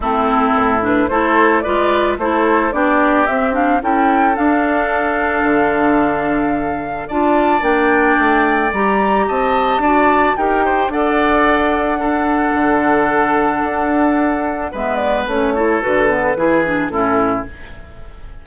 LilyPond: <<
  \new Staff \with { instrumentName = "flute" } { \time 4/4 \tempo 4 = 110 a'4. b'8 c''4 d''4 | c''4 d''4 e''8 f''8 g''4 | f''1~ | f''4 a''4 g''2 |
ais''4 a''2 g''4 | fis''1~ | fis''2. e''8 d''8 | cis''4 b'2 a'4 | }
  \new Staff \with { instrumentName = "oboe" } { \time 4/4 e'2 a'4 b'4 | a'4 g'2 a'4~ | a'1~ | a'4 d''2.~ |
d''4 dis''4 d''4 ais'8 c''8 | d''2 a'2~ | a'2. b'4~ | b'8 a'4. gis'4 e'4 | }
  \new Staff \with { instrumentName = "clarinet" } { \time 4/4 c'4. d'8 e'4 f'4 | e'4 d'4 c'8 d'8 e'4 | d'1~ | d'4 f'4 d'2 |
g'2 fis'4 g'4 | a'2 d'2~ | d'2. b4 | cis'8 e'8 fis'8 b8 e'8 d'8 cis'4 | }
  \new Staff \with { instrumentName = "bassoon" } { \time 4/4 a4 a,4 a4 gis4 | a4 b4 c'4 cis'4 | d'2 d2~ | d4 d'4 ais4 a4 |
g4 c'4 d'4 dis'4 | d'2. d4~ | d4 d'2 gis4 | a4 d4 e4 a,4 | }
>>